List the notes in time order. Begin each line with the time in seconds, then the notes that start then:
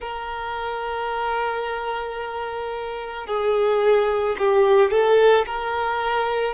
0.00 A#4
3.27 G#4
4.38 G4
4.90 A4
5.45 A#4